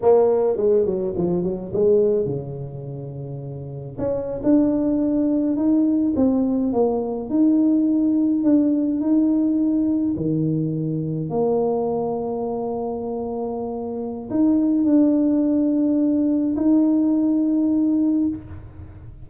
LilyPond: \new Staff \with { instrumentName = "tuba" } { \time 4/4 \tempo 4 = 105 ais4 gis8 fis8 f8 fis8 gis4 | cis2. cis'8. d'16~ | d'4.~ d'16 dis'4 c'4 ais16~ | ais8. dis'2 d'4 dis'16~ |
dis'4.~ dis'16 dis2 ais16~ | ais1~ | ais4 dis'4 d'2~ | d'4 dis'2. | }